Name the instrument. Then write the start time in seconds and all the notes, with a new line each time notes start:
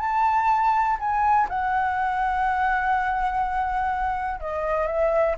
flute
0.00 A5
0.99 G#5
1.49 F#5
4.40 D#5
4.87 E5